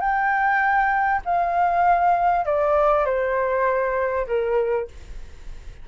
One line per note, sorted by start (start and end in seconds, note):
0.00 1.21 G5
1.25 2.45 F5
2.45 3.05 D5
3.05 4.26 C5
4.27 4.87 A#4